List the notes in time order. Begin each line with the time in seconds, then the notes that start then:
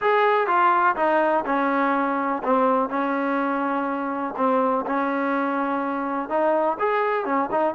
0.01 G#4
0.47 F4
0.96 D#4
1.45 C#4
2.43 C4
2.89 C#4
4.36 C4
4.86 C#4
6.29 D#4
6.79 G#4
7.25 C#4
7.51 D#4